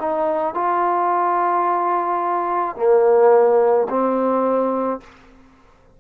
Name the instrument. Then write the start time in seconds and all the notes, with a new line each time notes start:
trombone
0.00 D#4
0.55 F4
2.76 A#3
3.89 C4